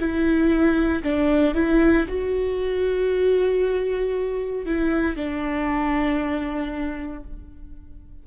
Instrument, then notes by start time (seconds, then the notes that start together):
viola
0.00 E4
1.03 D4
1.55 E4
2.08 F#4
4.66 E4
5.16 D4